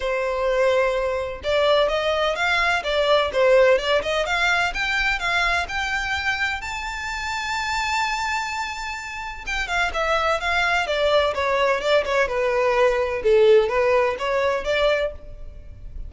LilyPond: \new Staff \with { instrumentName = "violin" } { \time 4/4 \tempo 4 = 127 c''2. d''4 | dis''4 f''4 d''4 c''4 | d''8 dis''8 f''4 g''4 f''4 | g''2 a''2~ |
a''1 | g''8 f''8 e''4 f''4 d''4 | cis''4 d''8 cis''8 b'2 | a'4 b'4 cis''4 d''4 | }